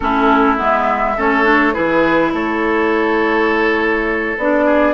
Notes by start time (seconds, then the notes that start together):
0.00 A3 C#4 E4 A4
0.57 G#3 B3
0.63 E5
1.17 A3 C#4 A4 C#5
1.43 D4
1.73 E3 E4 G#4 B4
2.32 A3 A4 C#5
4.37 B3 D4 D5
4.65 G#4